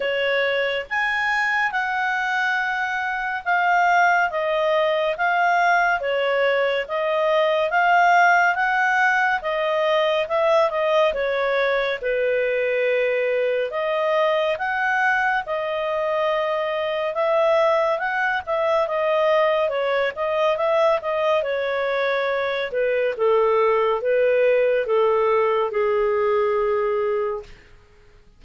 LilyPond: \new Staff \with { instrumentName = "clarinet" } { \time 4/4 \tempo 4 = 70 cis''4 gis''4 fis''2 | f''4 dis''4 f''4 cis''4 | dis''4 f''4 fis''4 dis''4 | e''8 dis''8 cis''4 b'2 |
dis''4 fis''4 dis''2 | e''4 fis''8 e''8 dis''4 cis''8 dis''8 | e''8 dis''8 cis''4. b'8 a'4 | b'4 a'4 gis'2 | }